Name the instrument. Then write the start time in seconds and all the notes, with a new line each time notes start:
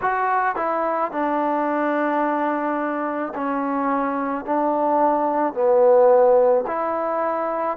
trombone
0.01 F#4
0.56 E4
1.11 D4
3.34 C#4
4.44 D4
5.53 B3
6.66 E4